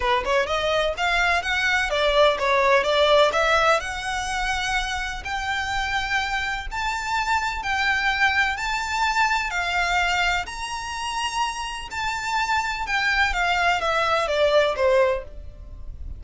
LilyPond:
\new Staff \with { instrumentName = "violin" } { \time 4/4 \tempo 4 = 126 b'8 cis''8 dis''4 f''4 fis''4 | d''4 cis''4 d''4 e''4 | fis''2. g''4~ | g''2 a''2 |
g''2 a''2 | f''2 ais''2~ | ais''4 a''2 g''4 | f''4 e''4 d''4 c''4 | }